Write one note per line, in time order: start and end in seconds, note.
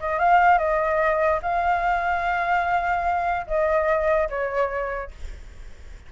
0.00 0.19 D#5
0.19 0.58 F5
0.58 1.40 D#5
1.42 3.46 F5
3.47 4.29 D#5
4.30 5.11 C#5